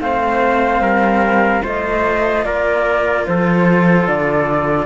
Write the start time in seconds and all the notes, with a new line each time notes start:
0.00 A3 C4 C5 F5
0.80 G3 A#4
1.62 A3 F4 C5 D#5
2.44 A#3 A#4 D5
3.26 F3 A4 C5
4.07 D3 D5